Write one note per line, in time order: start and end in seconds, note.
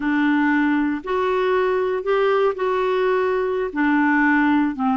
0.00 1.02 D4
1.04 2.03 F#4
2.03 2.54 G4
2.55 3.70 F#4
3.72 4.75 D4
4.75 4.97 C4